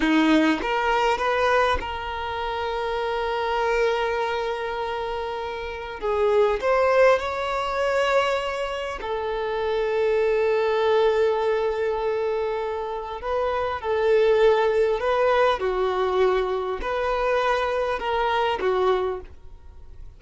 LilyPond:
\new Staff \with { instrumentName = "violin" } { \time 4/4 \tempo 4 = 100 dis'4 ais'4 b'4 ais'4~ | ais'1~ | ais'2 gis'4 c''4 | cis''2. a'4~ |
a'1~ | a'2 b'4 a'4~ | a'4 b'4 fis'2 | b'2 ais'4 fis'4 | }